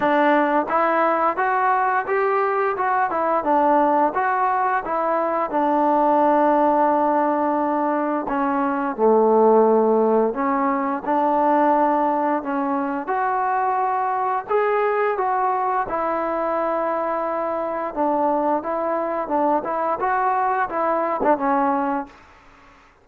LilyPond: \new Staff \with { instrumentName = "trombone" } { \time 4/4 \tempo 4 = 87 d'4 e'4 fis'4 g'4 | fis'8 e'8 d'4 fis'4 e'4 | d'1 | cis'4 a2 cis'4 |
d'2 cis'4 fis'4~ | fis'4 gis'4 fis'4 e'4~ | e'2 d'4 e'4 | d'8 e'8 fis'4 e'8. d'16 cis'4 | }